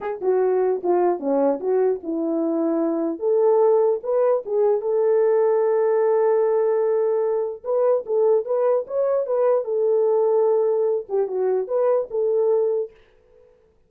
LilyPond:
\new Staff \with { instrumentName = "horn" } { \time 4/4 \tempo 4 = 149 gis'8 fis'4. f'4 cis'4 | fis'4 e'2. | a'2 b'4 gis'4 | a'1~ |
a'2. b'4 | a'4 b'4 cis''4 b'4 | a'2.~ a'8 g'8 | fis'4 b'4 a'2 | }